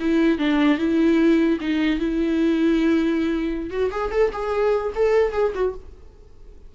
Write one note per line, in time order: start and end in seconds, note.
0.00 0.38 E4
0.38 0.78 D4
0.78 1.59 E4
1.60 1.99 D#4
1.99 3.70 E4
3.70 3.90 F#4
3.91 4.11 G#4
4.11 4.31 A4
4.33 4.93 G#4
4.95 5.32 A4
5.32 5.53 G#4
5.55 5.75 F#4